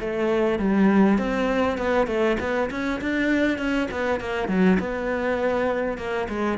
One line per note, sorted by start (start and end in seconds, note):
0.00 0.59 A3
0.59 1.18 G3
1.18 1.78 C4
1.78 2.07 B3
2.07 2.37 A3
2.39 2.69 B3
2.70 3.00 C#4
3.01 3.58 D4
3.58 3.88 C#4
3.91 4.20 B3
4.20 4.48 A#3
4.48 4.78 F#3
4.79 5.98 B3
5.98 6.28 A#3
6.29 6.58 G#3